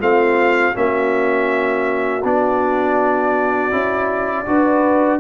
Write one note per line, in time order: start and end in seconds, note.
0.00 0.75 A3
0.00 0.75 C4
0.00 0.74 F4
0.00 0.76 F5
0.75 2.24 A#3
0.75 2.23 C#4
0.75 4.47 F#4
0.75 2.25 E5
2.24 3.72 B3
2.24 3.71 D4
2.24 5.21 D5
3.71 4.47 C#4
3.71 4.46 E4
4.46 5.21 D4
4.46 5.20 F#4
4.46 5.21 B4